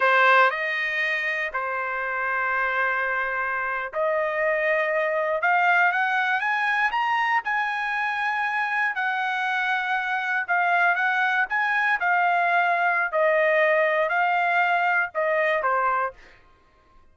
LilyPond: \new Staff \with { instrumentName = "trumpet" } { \time 4/4 \tempo 4 = 119 c''4 dis''2 c''4~ | c''2.~ c''8. dis''16~ | dis''2~ dis''8. f''4 fis''16~ | fis''8. gis''4 ais''4 gis''4~ gis''16~ |
gis''4.~ gis''16 fis''2~ fis''16~ | fis''8. f''4 fis''4 gis''4 f''16~ | f''2 dis''2 | f''2 dis''4 c''4 | }